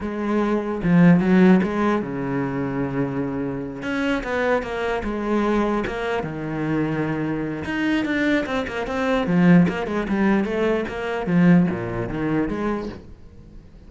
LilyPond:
\new Staff \with { instrumentName = "cello" } { \time 4/4 \tempo 4 = 149 gis2 f4 fis4 | gis4 cis2.~ | cis4. cis'4 b4 ais8~ | ais8 gis2 ais4 dis8~ |
dis2. dis'4 | d'4 c'8 ais8 c'4 f4 | ais8 gis8 g4 a4 ais4 | f4 ais,4 dis4 gis4 | }